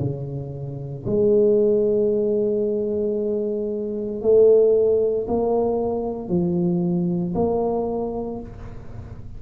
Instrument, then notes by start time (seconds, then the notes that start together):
tuba
0.00 C#3
1.07 G#3
4.22 A3
5.28 A#3
6.29 F3
7.35 A#3